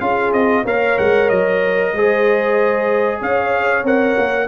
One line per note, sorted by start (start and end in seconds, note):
0.00 0.32 C#4
0.00 0.64 F4
0.00 0.64 G#4
0.00 0.32 F5
0.32 0.64 C4
0.32 0.65 D#5
0.64 0.97 A#3
0.64 1.96 A#4
0.64 1.91 C#5
0.64 0.98 F5
0.98 1.31 G#3
0.98 1.29 F#5
1.29 1.93 F#3
1.29 3.20 D#5
1.93 3.21 G#3
1.93 3.84 G#4
1.93 3.19 C5
3.19 3.84 C#4
3.19 4.47 C#5
3.19 3.86 F5
3.84 4.15 C4
3.84 4.48 A#4
3.84 4.48 F#5
4.18 4.48 A#3